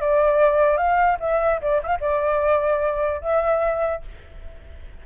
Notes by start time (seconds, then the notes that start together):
0.00 D5
0.77 F5
1.20 E5
1.61 D5
1.83 E5 F5
2.00 D5
3.21 E5